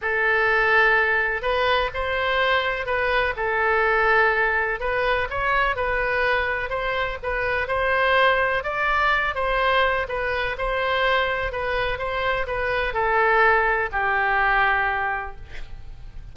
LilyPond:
\new Staff \with { instrumentName = "oboe" } { \time 4/4 \tempo 4 = 125 a'2. b'4 | c''2 b'4 a'4~ | a'2 b'4 cis''4 | b'2 c''4 b'4 |
c''2 d''4. c''8~ | c''4 b'4 c''2 | b'4 c''4 b'4 a'4~ | a'4 g'2. | }